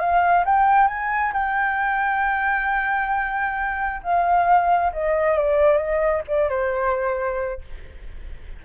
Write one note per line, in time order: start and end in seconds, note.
0.00 0.45 F5
0.45 0.88 G5
0.88 1.33 G#5
1.33 4.02 G5
4.03 4.93 F5
4.93 5.38 D#5
5.38 5.78 D5
5.78 6.23 D#5
6.28 6.50 D5
6.50 7.62 C5